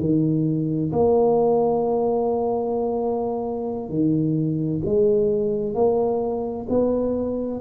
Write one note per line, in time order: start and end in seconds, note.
0.00 0.92 D#3
0.93 3.89 A#3
3.89 4.82 D#3
4.85 5.75 G#3
5.75 6.67 A#3
6.69 7.61 B3